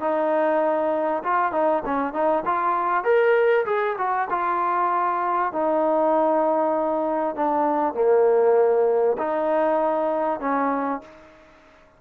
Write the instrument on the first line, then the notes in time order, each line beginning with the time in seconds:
trombone
0.00 D#4
1.24 F4
1.52 D#4
1.85 C#4
2.13 D#4
2.45 F4
3.04 A#4
3.65 G#4
3.98 F#4
4.30 F4
5.52 D#4
7.36 D4
7.94 A#3
9.18 D#4
10.40 C#4